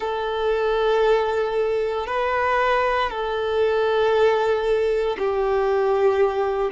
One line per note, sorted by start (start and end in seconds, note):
0.00 2.06 A4
2.06 3.10 B4
3.10 5.17 A4
5.18 6.71 G4